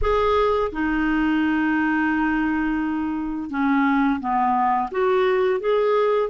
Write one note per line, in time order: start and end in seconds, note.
0.01 0.71 G#4
0.72 3.49 D#4
3.49 4.19 C#4
4.20 4.89 B3
4.91 5.59 F#4
5.59 6.29 G#4